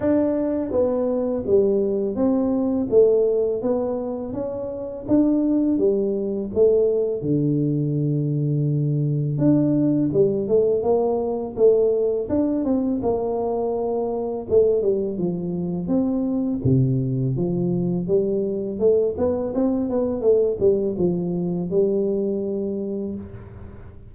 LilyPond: \new Staff \with { instrumentName = "tuba" } { \time 4/4 \tempo 4 = 83 d'4 b4 g4 c'4 | a4 b4 cis'4 d'4 | g4 a4 d2~ | d4 d'4 g8 a8 ais4 |
a4 d'8 c'8 ais2 | a8 g8 f4 c'4 c4 | f4 g4 a8 b8 c'8 b8 | a8 g8 f4 g2 | }